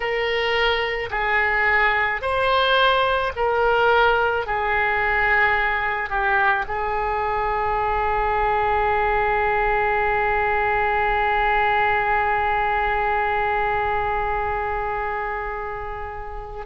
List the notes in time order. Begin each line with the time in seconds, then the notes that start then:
0.00 A#4
1.10 G#4
2.21 C5
3.35 A#4
4.46 G#4
6.09 G4
6.67 G#4